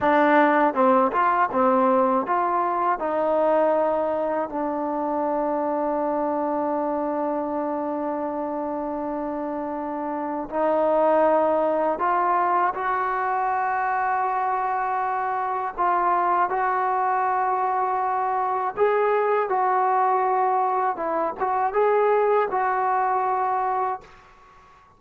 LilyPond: \new Staff \with { instrumentName = "trombone" } { \time 4/4 \tempo 4 = 80 d'4 c'8 f'8 c'4 f'4 | dis'2 d'2~ | d'1~ | d'2 dis'2 |
f'4 fis'2.~ | fis'4 f'4 fis'2~ | fis'4 gis'4 fis'2 | e'8 fis'8 gis'4 fis'2 | }